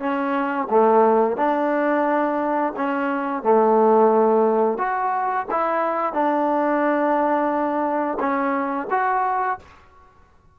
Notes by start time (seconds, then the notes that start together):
0.00 C#4
0.70 A3
1.37 D4
2.77 C#4
3.43 A3
4.79 F#4
5.51 E4
6.14 D4
8.20 C#4
8.91 F#4